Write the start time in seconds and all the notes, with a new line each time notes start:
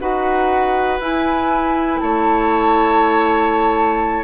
0.00 D#4 F#4 B4 F#5
1.00 E4 G#5
2.01 A3 C#5 A5